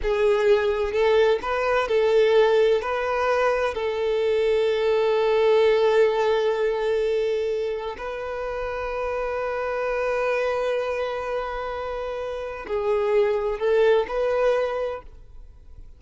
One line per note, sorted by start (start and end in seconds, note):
0.02 0.92 G#4
0.92 1.39 A4
1.42 1.88 B4
1.88 2.81 A4
2.81 3.74 B4
3.74 7.96 A4
7.97 12.66 B4
12.67 13.59 G#4
13.59 14.06 A4
14.08 15.01 B4